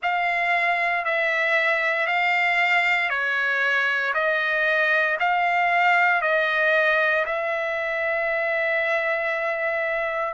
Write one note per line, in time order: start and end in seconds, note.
0.02 1.04 F5
1.04 2.06 E5
2.06 3.09 F5
3.09 4.13 C#5
4.14 5.17 D#5
5.20 6.21 F5
6.21 7.25 D#5
7.25 10.33 E5